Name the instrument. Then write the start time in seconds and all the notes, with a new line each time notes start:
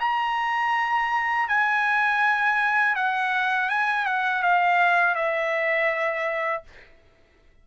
trumpet
0.00 A#5
1.48 G#5
2.96 F#5
3.70 G#5
4.06 F#5
4.43 F5
5.15 E5